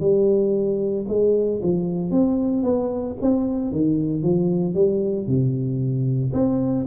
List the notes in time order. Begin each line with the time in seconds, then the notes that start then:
0.00 G3
1.08 G#3
1.62 F3
2.11 C4
2.63 B3
3.21 C4
3.71 D#3
4.22 F3
4.74 G3
5.27 C3
6.33 C4